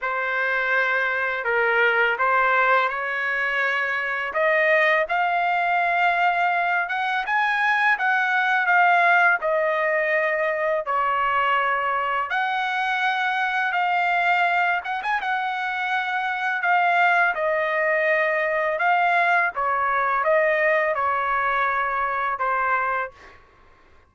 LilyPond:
\new Staff \with { instrumentName = "trumpet" } { \time 4/4 \tempo 4 = 83 c''2 ais'4 c''4 | cis''2 dis''4 f''4~ | f''4. fis''8 gis''4 fis''4 | f''4 dis''2 cis''4~ |
cis''4 fis''2 f''4~ | f''8 fis''16 gis''16 fis''2 f''4 | dis''2 f''4 cis''4 | dis''4 cis''2 c''4 | }